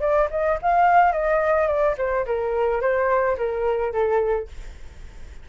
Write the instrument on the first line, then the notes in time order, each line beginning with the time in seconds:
flute
0.00 D5
0.30 D#5
0.62 F5
1.12 D#5
1.67 D5
1.97 C5
2.26 A#4
2.81 C5
3.37 A#4
3.92 A4